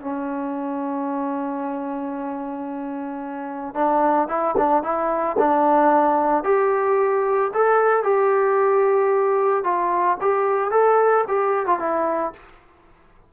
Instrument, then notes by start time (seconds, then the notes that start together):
trombone
0.00 C#4
3.75 D4
4.28 E4
4.57 D4
4.83 E4
5.38 D4
6.43 G4
7.54 A4
8.03 G4
9.64 F4
10.21 G4
10.70 A4
11.28 G4
11.66 F4
11.79 E4